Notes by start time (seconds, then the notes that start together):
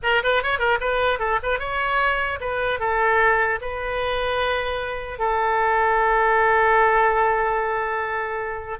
0.02 A#4
0.23 B4
0.43 C#5
0.59 A#4
0.80 B4
1.19 A4
1.43 B4
1.59 C#5
2.40 B4
2.79 A4
3.61 B4
5.18 A4